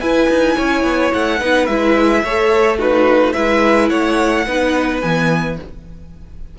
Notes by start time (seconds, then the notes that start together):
0.00 E4 B4 G#5
0.29 D#4
0.56 C#4 C#5
0.83 B3
1.14 A3 F#5
1.39 B3 D#4 B4
1.66 G#3 E4 E5
2.24 A3 A4 C#5
2.78 D#4 F#4 B4
3.33 G#3 E4 B4 E5
3.89 A3 C#5 F#5
4.46 B3 D#4 B4
5.01 E3 B3 G#5